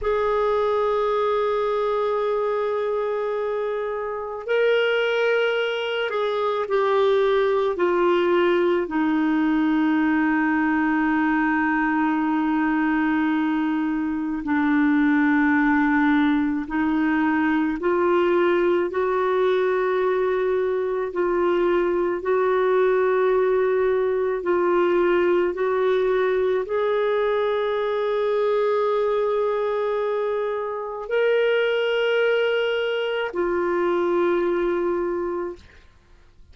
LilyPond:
\new Staff \with { instrumentName = "clarinet" } { \time 4/4 \tempo 4 = 54 gis'1 | ais'4. gis'8 g'4 f'4 | dis'1~ | dis'4 d'2 dis'4 |
f'4 fis'2 f'4 | fis'2 f'4 fis'4 | gis'1 | ais'2 f'2 | }